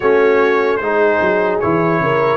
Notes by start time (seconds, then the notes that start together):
0.00 A3 C#4 F#4 C#5
0.76 G#3 D#4 C5
0.84 G#4
1.21 F#3
1.60 E3 E4 C#5
2.00 C#3 A#4